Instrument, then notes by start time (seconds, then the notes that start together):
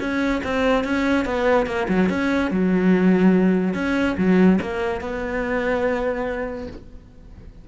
cello
0.00 C#4
0.44 C4
0.84 C#4
1.25 B3
1.66 A#3
1.89 F#3
2.09 C#4
2.51 F#3
3.74 C#4
4.18 F#3
4.62 A#3
5.01 B3